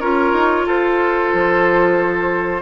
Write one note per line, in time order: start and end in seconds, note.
0.00 0.32 C#4
0.00 2.62 F4
0.00 0.66 A#4
0.00 0.66 C#5
0.32 0.65 D#4
0.65 1.31 F4
0.65 2.62 A4
0.65 2.62 C5
1.33 2.62 F3